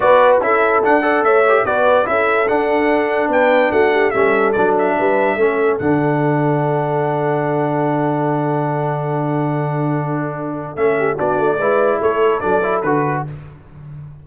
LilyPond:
<<
  \new Staff \with { instrumentName = "trumpet" } { \time 4/4 \tempo 4 = 145 d''4 e''4 fis''4 e''4 | d''4 e''4 fis''2 | g''4 fis''4 e''4 d''8 e''8~ | e''2 fis''2~ |
fis''1~ | fis''1~ | fis''2 e''4 d''4~ | d''4 cis''4 d''4 b'4 | }
  \new Staff \with { instrumentName = "horn" } { \time 4/4 b'4 a'4. d''8 cis''4 | b'4 a'2. | b'4 fis'8 g'8 a'2 | b'4 a'2.~ |
a'1~ | a'1~ | a'2~ a'8 g'8 fis'4 | b'4 a'2. | }
  \new Staff \with { instrumentName = "trombone" } { \time 4/4 fis'4 e'4 d'8 a'4 g'8 | fis'4 e'4 d'2~ | d'2 cis'4 d'4~ | d'4 cis'4 d'2~ |
d'1~ | d'1~ | d'2 cis'4 d'4 | e'2 d'8 e'8 fis'4 | }
  \new Staff \with { instrumentName = "tuba" } { \time 4/4 b4 cis'4 d'4 a4 | b4 cis'4 d'2 | b4 a4 g4 fis4 | g4 a4 d2~ |
d1~ | d1~ | d2 a4 b8 a8 | gis4 a4 fis4 d4 | }
>>